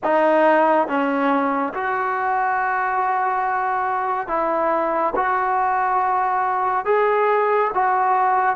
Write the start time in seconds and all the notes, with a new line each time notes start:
0.03 D#4
0.87 C#4
1.73 F#4
4.27 E4
5.15 F#4
6.85 G#4
7.74 F#4